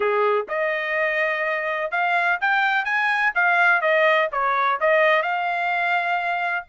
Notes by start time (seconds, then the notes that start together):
0.00 G#4
0.48 D#5
1.91 F5
2.40 G5
2.84 G#5
3.34 F5
3.81 D#5
4.31 C#5
4.80 D#5
5.22 F5